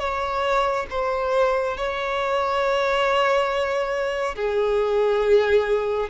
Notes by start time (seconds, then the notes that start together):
0.00 C#5
0.91 C5
1.77 C#5
4.36 G#4